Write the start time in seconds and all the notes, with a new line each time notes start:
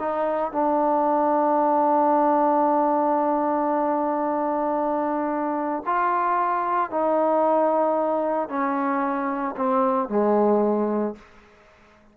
0.00 D#4
0.53 D4
5.87 F4
6.91 D#4
8.49 C#4
9.57 C4
10.10 G#3